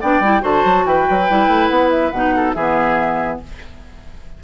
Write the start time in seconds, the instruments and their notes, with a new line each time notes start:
0.00 bassoon B3, clarinet D4, oboe D5, flute G5
0.20 bassoon G3, clarinet E4
0.40 bassoon D3, clarinet F#4, oboe C5, flute A5
0.64 bassoon F#3
0.85 bassoon E3, oboe B4, flute G5
1.09 bassoon F#3
1.29 bassoon G3, clarinet E4
1.48 bassoon A3
1.68 bassoon B3, flute F#5
1.90 flute E5
2.11 bassoon B2, clarinet D#4, flute F#5
2.36 oboe A4
2.53 bassoon E3, clarinet B3, oboe G#4, flute E5